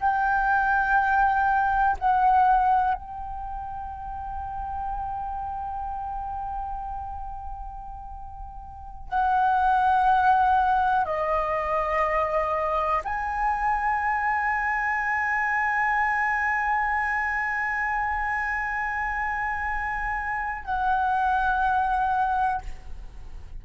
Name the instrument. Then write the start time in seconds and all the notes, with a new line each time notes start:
flute
0.00 G5
1.99 F#5
2.94 G5
9.09 F#5
11.05 D#5
13.04 G#5
20.65 F#5